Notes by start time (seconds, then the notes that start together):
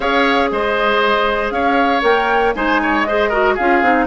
0.00 C#4 G#4 C#5 F5
0.51 G#3 C5 D#5
1.50 C#4 C#5 F5
2.01 A#3 A#4 G5
2.54 G#3 D#4 C5 G#5
2.82 C#5
3.03 G#4 C5 D#5
3.29 F#4 A#4
3.54 C#4 F4 G#4 F5
3.82 C4 D#4